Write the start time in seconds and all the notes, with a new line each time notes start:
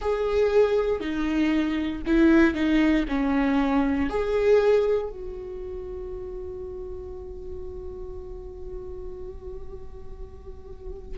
0.01 G#4
1.00 D#4
2.06 E4
2.54 D#4
3.08 C#4
4.09 G#4
5.09 F#4